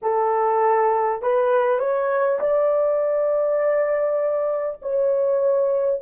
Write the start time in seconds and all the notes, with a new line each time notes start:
0.02 A4
1.22 B4
1.79 C#5
2.39 D5
4.82 C#5